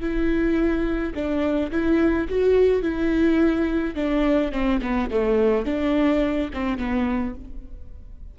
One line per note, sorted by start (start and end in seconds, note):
0.00 1.13 E4
1.14 1.71 D4
1.71 2.28 E4
2.28 2.82 F#4
2.82 3.95 E4
3.95 4.51 D4
4.52 4.80 C4
4.81 5.09 B3
5.10 5.65 A3
5.65 6.50 D4
6.53 6.78 C4
6.78 7.34 B3